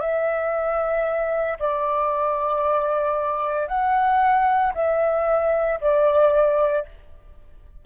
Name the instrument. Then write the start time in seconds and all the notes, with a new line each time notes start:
flute
0.00 E5
1.59 D5
3.67 F#5
4.74 E5
5.80 D5